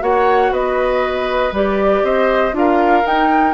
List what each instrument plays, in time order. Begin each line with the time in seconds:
0.00 bassoon A#3, clarinet F#4, oboe C#5, flute F#5
0.51 bassoon B3, oboe B4, flute D#5
1.51 bassoon G3, clarinet G4, flute D5
2.03 bassoon C4, oboe C5, flute D#5
2.52 bassoon D4, clarinet F4, oboe A#4, flute F5
3.04 clarinet D#4, bassoon D#4, flute G5